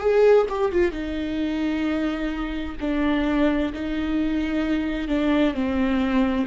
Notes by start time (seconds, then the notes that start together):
0.00 G#4
0.49 G4
0.72 F4
0.92 D#4
2.81 D4
3.73 D#4
5.08 D4
5.54 C4